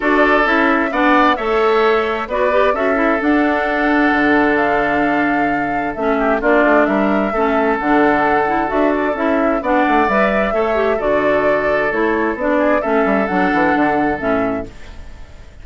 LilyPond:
<<
  \new Staff \with { instrumentName = "flute" } { \time 4/4 \tempo 4 = 131 d''4 e''4 fis''4 e''4~ | e''4 d''4 e''4 fis''4~ | fis''2 f''2~ | f''4 e''4 d''4 e''4~ |
e''4 fis''2 e''8 d''8 | e''4 fis''4 e''2 | d''2 cis''4 d''4 | e''4 fis''2 e''4 | }
  \new Staff \with { instrumentName = "oboe" } { \time 4/4 a'2 d''4 cis''4~ | cis''4 b'4 a'2~ | a'1~ | a'4. g'8 f'4 ais'4 |
a'1~ | a'4 d''2 cis''4 | a'2.~ a'8 gis'8 | a'1 | }
  \new Staff \with { instrumentName = "clarinet" } { \time 4/4 fis'4 e'4 d'4 a'4~ | a'4 fis'8 g'8 fis'8 e'8 d'4~ | d'1~ | d'4 cis'4 d'2 |
cis'4 d'4. e'8 fis'4 | e'4 d'4 b'4 a'8 g'8 | fis'2 e'4 d'4 | cis'4 d'2 cis'4 | }
  \new Staff \with { instrumentName = "bassoon" } { \time 4/4 d'4 cis'4 b4 a4~ | a4 b4 cis'4 d'4~ | d'4 d2.~ | d4 a4 ais8 a8 g4 |
a4 d2 d'4 | cis'4 b8 a8 g4 a4 | d2 a4 b4 | a8 g8 fis8 e8 d4 a,4 | }
>>